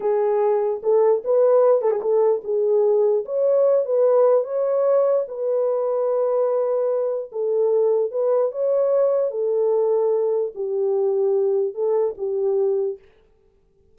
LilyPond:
\new Staff \with { instrumentName = "horn" } { \time 4/4 \tempo 4 = 148 gis'2 a'4 b'4~ | b'8 a'16 gis'16 a'4 gis'2 | cis''4. b'4. cis''4~ | cis''4 b'2.~ |
b'2 a'2 | b'4 cis''2 a'4~ | a'2 g'2~ | g'4 a'4 g'2 | }